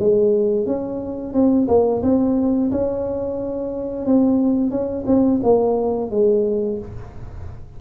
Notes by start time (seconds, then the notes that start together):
0.00 G#3
0.67 C#4
1.34 C4
1.68 A#3
2.03 C4
2.72 C#4
4.06 C4
4.71 C#4
5.07 C4
5.44 A#3
6.11 G#3